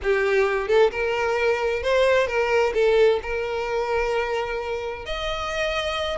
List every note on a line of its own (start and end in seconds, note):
0.02 0.68 G4
0.68 0.91 A4
0.91 1.82 A#4
1.82 2.27 C5
2.27 2.73 A#4
2.74 3.19 A4
3.22 5.05 A#4
5.05 6.17 D#5